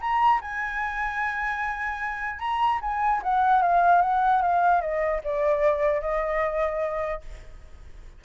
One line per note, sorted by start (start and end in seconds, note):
0.00 0.40 A#5
0.41 2.39 G#5
2.39 2.79 A#5
2.81 3.21 G#5
3.23 3.62 F#5
3.62 4.02 F5
4.02 4.42 F#5
4.42 4.81 F5
4.81 5.21 D#5
5.24 6.01 D5
6.01 7.22 D#5